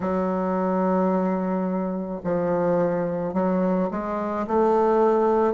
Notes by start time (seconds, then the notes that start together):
0.00 F#3
2.24 F3
3.33 F#3
3.90 G#3
4.47 A3